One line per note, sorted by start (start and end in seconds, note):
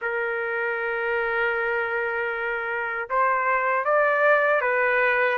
0.01 3.09 A#4
3.09 3.84 C5
3.84 4.61 D5
4.61 5.37 B4